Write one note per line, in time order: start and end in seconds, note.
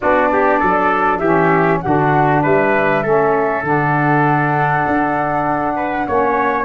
0.00 0.62 B3
0.00 1.22 D4
0.00 0.31 F#4
0.00 1.18 D5
0.32 0.59 G4
0.59 1.20 F#3
0.59 1.19 A4
1.18 1.81 E3
1.18 1.83 C#4
1.18 1.81 G4
1.18 1.78 E5
1.81 2.44 D3
1.81 3.03 D4
1.81 2.42 F#4
1.81 2.41 F#5
2.42 3.04 G3
2.42 3.02 B4
2.42 3.64 E5
3.02 3.63 A3
3.02 3.63 C#4
3.02 5.75 A4
3.63 4.84 D3
3.63 6.05 D4
3.63 6.65 F#5
4.86 6.08 D4
5.76 6.06 B4
6.07 6.65 A#3
6.07 6.65 C#4
6.07 6.65 C#5